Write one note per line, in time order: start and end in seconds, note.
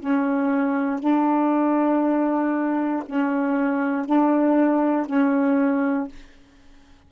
0.00 1.00 C#4
1.00 3.03 D4
3.06 4.06 C#4
4.06 5.06 D4
5.06 6.08 C#4